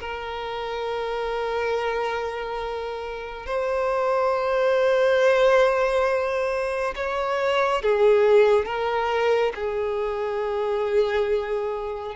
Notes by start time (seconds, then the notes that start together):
0.00 A#4
3.46 C5
6.95 C#5
7.82 G#4
8.65 A#4
9.55 G#4